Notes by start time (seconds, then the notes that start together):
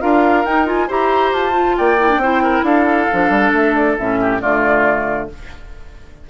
0.00 D4 F4 A#4 F5
0.45 D#4 G5
0.66 F4 G#5
0.87 E4 G4 C5 A#5
1.32 F4 A5
1.52 F4
1.77 A#3 D5 G5
1.99 E4
2.09 D4
2.17 C4 C5
2.23 E4
2.42 A#4
2.63 D4 A4 F5
3.11 F3 D4
3.29 G3
3.52 A3 E5
3.75 D5
3.98 A2 C#4 E5
4.21 G4
4.41 D3 A3 F4 D5